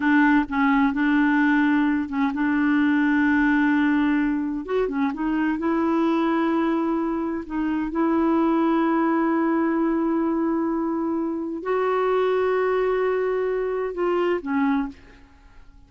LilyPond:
\new Staff \with { instrumentName = "clarinet" } { \time 4/4 \tempo 4 = 129 d'4 cis'4 d'2~ | d'8 cis'8 d'2.~ | d'2 fis'8 cis'8 dis'4 | e'1 |
dis'4 e'2.~ | e'1~ | e'4 fis'2.~ | fis'2 f'4 cis'4 | }